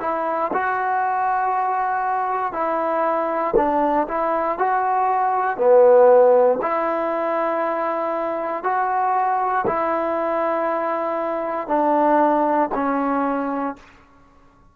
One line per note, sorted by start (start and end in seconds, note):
0.00 0.51 E4
0.53 2.52 F#4
2.52 3.54 E4
3.56 4.07 D4
4.08 4.58 E4
4.58 5.57 F#4
5.57 6.59 B3
6.61 8.63 E4
8.63 9.65 F#4
9.67 11.67 E4
11.67 12.69 D4
12.74 13.76 C#4